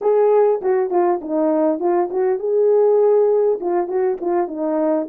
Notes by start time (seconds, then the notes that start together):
0.01 G#4
0.61 F#4
0.90 F4
1.21 D#4
1.79 F4
2.10 F#4
2.39 G#4
3.60 F4
3.87 F#4
4.21 F4
4.47 D#4